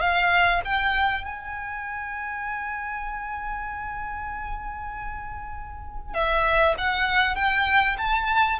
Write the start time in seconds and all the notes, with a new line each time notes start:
0.00 F5
0.64 G5
1.24 G#5
6.14 E5
6.77 F#5
7.35 G5
7.98 A5